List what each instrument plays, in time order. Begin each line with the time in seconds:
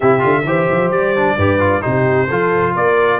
0.00 tuba C3, trombone E4, horn G4, trumpet E5
0.19 tuba D3, trombone F4
0.44 tuba E3, trombone G4, horn C5
0.70 tuba F3
0.90 tuba G3, trumpet D5
1.16 trombone D4
1.36 tuba G2, trombone G4, horn B4
1.59 trombone F4
1.81 tuba C3, trombone D#4, horn G4, trumpet C5
2.28 tuba F3, trombone F4, horn A4
2.75 tuba A#3, horn A#4, trumpet D5